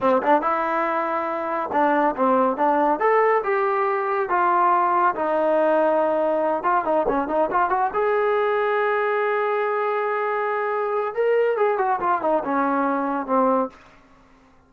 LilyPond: \new Staff \with { instrumentName = "trombone" } { \time 4/4 \tempo 4 = 140 c'8 d'8 e'2. | d'4 c'4 d'4 a'4 | g'2 f'2 | dis'2.~ dis'8 f'8 |
dis'8 cis'8 dis'8 f'8 fis'8 gis'4.~ | gis'1~ | gis'2 ais'4 gis'8 fis'8 | f'8 dis'8 cis'2 c'4 | }